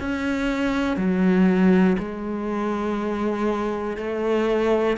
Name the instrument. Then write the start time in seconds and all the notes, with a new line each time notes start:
cello
0.00 C#4
0.97 F#3
1.99 G#3
3.97 A3